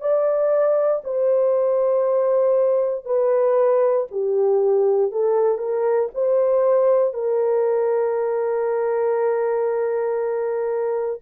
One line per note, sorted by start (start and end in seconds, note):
0.00 1.02 D5
1.04 3.05 C5
3.05 4.06 B4
4.10 5.11 G4
5.11 5.57 A4
5.57 6.08 A#4
6.14 7.13 C5
7.13 11.20 A#4